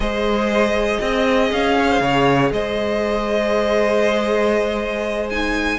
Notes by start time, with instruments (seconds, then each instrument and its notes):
0.00 cello G#3, viola G#4, violin C5 D#5
1.00 cello C4, violin D#5
1.52 cello C#4, violin F5
1.78 violin C#5
1.89 violin C5
2.00 cello C#3, violin C#5
2.52 cello G#3, violin C5 D#5
5.29 viola D#4, violin G#5